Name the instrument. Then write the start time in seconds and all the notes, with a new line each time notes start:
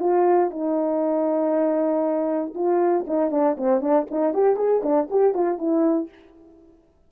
horn
0.00 F4
0.51 D#4
2.55 F4
3.07 D#4
3.31 D4
3.58 C4
3.81 D4
4.11 D#4
4.34 G4
4.56 G#4
4.83 D4
5.10 G4
5.34 F4
5.58 E4